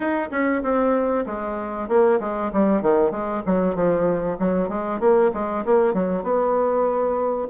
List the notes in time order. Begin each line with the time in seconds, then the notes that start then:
0.00 D#4
0.31 C#4
0.62 C4
1.26 G#3
1.88 A#3
2.19 G#3
2.53 G3
2.82 D#3
3.11 G#3
3.46 F#3
3.75 F3
4.39 F#3
4.68 G#3
5.00 A#3
5.33 G#3
5.65 A#3
5.93 F#3
6.23 B3